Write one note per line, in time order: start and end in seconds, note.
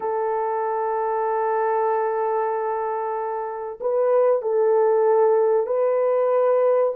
0.00 3.79 A4
3.80 4.42 B4
4.42 5.66 A4
5.66 6.92 B4